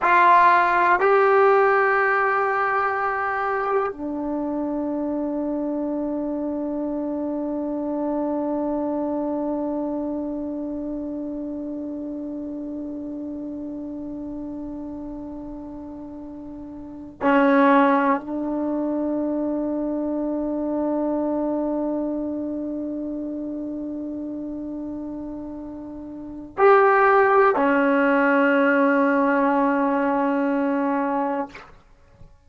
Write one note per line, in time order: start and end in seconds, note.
0.02 1.00 F4
1.00 3.92 G4
3.92 17.20 D4
17.21 18.20 C#4
18.20 26.56 D4
26.58 27.55 G4
27.55 31.48 C#4